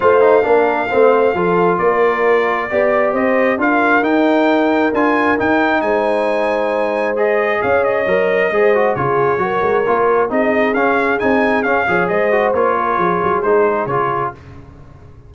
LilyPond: <<
  \new Staff \with { instrumentName = "trumpet" } { \time 4/4 \tempo 4 = 134 f''1 | d''2. dis''4 | f''4 g''2 gis''4 | g''4 gis''2. |
dis''4 f''8 dis''2~ dis''8 | cis''2. dis''4 | f''4 gis''4 f''4 dis''4 | cis''2 c''4 cis''4 | }
  \new Staff \with { instrumentName = "horn" } { \time 4/4 c''4 ais'4 c''4 a'4 | ais'2 d''4 c''4 | ais'1~ | ais'4 c''2.~ |
c''4 cis''2 c''4 | gis'4 ais'2 gis'4~ | gis'2~ gis'8 cis''8 c''4~ | c''8 ais'8 gis'2. | }
  \new Staff \with { instrumentName = "trombone" } { \time 4/4 f'8 dis'8 d'4 c'4 f'4~ | f'2 g'2 | f'4 dis'2 f'4 | dis'1 |
gis'2 ais'4 gis'8 fis'8 | f'4 fis'4 f'4 dis'4 | cis'4 dis'4 cis'8 gis'4 fis'8 | f'2 dis'4 f'4 | }
  \new Staff \with { instrumentName = "tuba" } { \time 4/4 a4 ais4 a4 f4 | ais2 b4 c'4 | d'4 dis'2 d'4 | dis'4 gis2.~ |
gis4 cis'4 fis4 gis4 | cis4 fis8 gis8 ais4 c'4 | cis'4 c'4 cis'8 f8 gis4 | ais4 f8 fis8 gis4 cis4 | }
>>